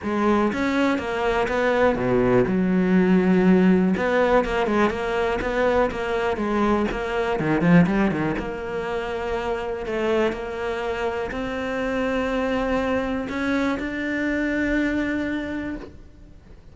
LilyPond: \new Staff \with { instrumentName = "cello" } { \time 4/4 \tempo 4 = 122 gis4 cis'4 ais4 b4 | b,4 fis2. | b4 ais8 gis8 ais4 b4 | ais4 gis4 ais4 dis8 f8 |
g8 dis8 ais2. | a4 ais2 c'4~ | c'2. cis'4 | d'1 | }